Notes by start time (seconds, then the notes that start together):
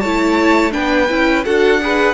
0.00 A3 E4 C#5 A5
0.71 B3 D4 B4 G5
1.09 C#4 E4
1.45 D4 F#4 A4 F#5
1.81 G#4 B4